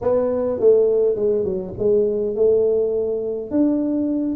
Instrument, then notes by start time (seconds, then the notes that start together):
tuba
0.01 B3
0.59 A3
1.15 G#3
1.44 F#3
1.78 G#3
2.35 A3
3.51 D4